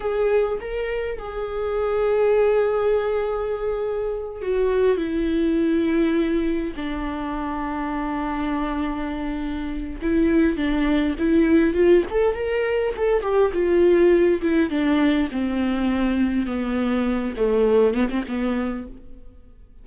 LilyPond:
\new Staff \with { instrumentName = "viola" } { \time 4/4 \tempo 4 = 102 gis'4 ais'4 gis'2~ | gis'2.~ gis'8 fis'8~ | fis'8 e'2. d'8~ | d'1~ |
d'4 e'4 d'4 e'4 | f'8 a'8 ais'4 a'8 g'8 f'4~ | f'8 e'8 d'4 c'2 | b4. a4 b16 c'16 b4 | }